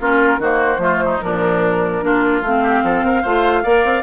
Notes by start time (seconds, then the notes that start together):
0.00 A#3 C#4 F4 A#4
0.39 D#3 A#3 F#4 C5
0.77 F3 A3 F4
1.04 D#4
1.20 A#2 F3 D4 A#4
2.01 A#3 D4 F4
2.41 A3 C4 F5
2.62 G4
2.83 F3 A4
3.02 C4 A#4
3.22 A3 F4 C5
3.63 A#3 A#4 D5
3.84 C4